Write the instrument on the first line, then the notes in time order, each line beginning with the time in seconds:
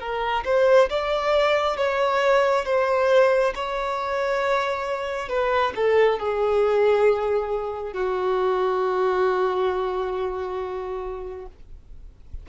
violin
0.00 A#4
0.45 C5
0.89 D5
1.77 C#5
2.65 C5
3.55 C#5
5.29 B4
5.76 A4
6.19 G#4
7.93 F#4